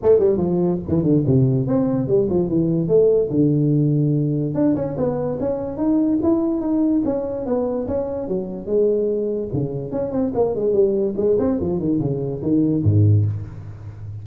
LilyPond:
\new Staff \with { instrumentName = "tuba" } { \time 4/4 \tempo 4 = 145 a8 g8 f4 e8 d8 c4 | c'4 g8 f8 e4 a4 | d2. d'8 cis'8 | b4 cis'4 dis'4 e'4 |
dis'4 cis'4 b4 cis'4 | fis4 gis2 cis4 | cis'8 c'8 ais8 gis8 g4 gis8 c'8 | f8 dis8 cis4 dis4 gis,4 | }